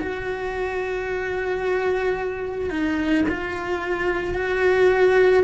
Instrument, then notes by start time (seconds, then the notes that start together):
cello
0.00 F#4
2.70 D#4
3.29 F4
4.35 F#4